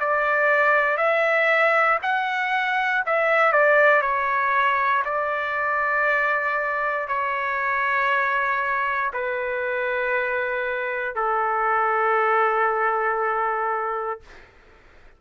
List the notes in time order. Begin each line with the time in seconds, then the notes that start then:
0.00 D5
0.98 E5
2.02 F#5
3.06 E5
3.53 D5
4.02 C#5
5.05 D5
7.08 C#5
9.13 B4
11.16 A4